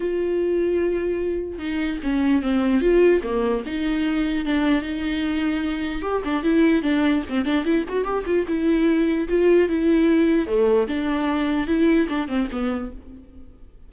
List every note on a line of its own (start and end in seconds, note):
0.00 1.58 F4
1.58 1.98 D#4
2.03 2.42 C#4
2.42 2.81 C4
2.81 3.21 F4
3.23 3.63 A#3
3.66 4.45 D#4
4.45 4.81 D4
4.81 6.02 D#4
6.02 6.22 G4
6.24 6.43 D4
6.43 6.82 E4
6.82 7.22 D4
7.29 7.45 C4
7.45 7.64 D4
7.64 7.84 E4
7.88 8.04 F#4
8.04 8.24 G4
8.25 8.46 F4
8.47 9.28 E4
9.28 9.68 F4
9.68 10.46 E4
10.46 10.87 A3
10.87 11.67 D4
11.67 12.07 E4
12.08 12.27 D4
12.27 12.48 C4
12.51 12.91 B3